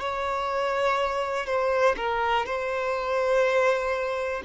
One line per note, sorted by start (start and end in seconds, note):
0.00 1.47 C#5
1.47 1.96 C5
1.97 2.46 A#4
2.46 4.43 C5